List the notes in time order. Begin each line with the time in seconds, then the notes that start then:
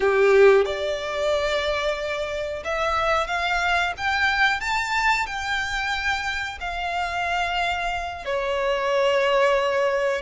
0.00 G4
0.65 D5
2.64 E5
3.27 F5
3.97 G5
4.60 A5
5.26 G5
6.60 F5
8.25 C#5